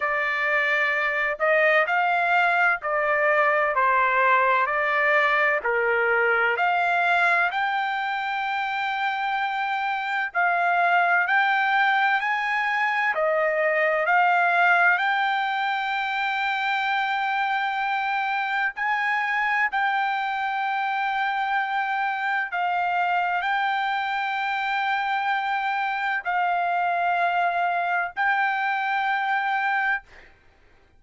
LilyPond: \new Staff \with { instrumentName = "trumpet" } { \time 4/4 \tempo 4 = 64 d''4. dis''8 f''4 d''4 | c''4 d''4 ais'4 f''4 | g''2. f''4 | g''4 gis''4 dis''4 f''4 |
g''1 | gis''4 g''2. | f''4 g''2. | f''2 g''2 | }